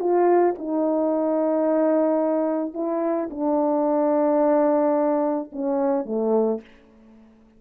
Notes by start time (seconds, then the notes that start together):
0.00 F4
0.59 D#4
2.74 E4
3.31 D4
5.53 C#4
6.06 A3